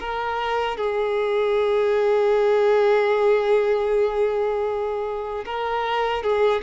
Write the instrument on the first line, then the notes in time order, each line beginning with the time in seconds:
violin
0.00 A#4
0.77 G#4
5.46 A#4
6.23 G#4